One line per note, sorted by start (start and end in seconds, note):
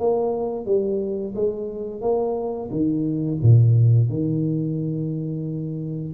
0.00 0.66 A#3
0.66 1.34 G3
1.35 2.01 G#3
2.01 2.70 A#3
2.71 3.39 D#3
3.43 4.09 A#2
4.09 6.14 D#3